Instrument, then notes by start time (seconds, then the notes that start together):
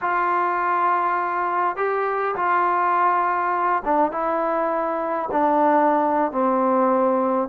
trombone
0.01 F4
1.76 G4
2.35 F4
3.84 D4
4.11 E4
5.31 D4
6.31 C4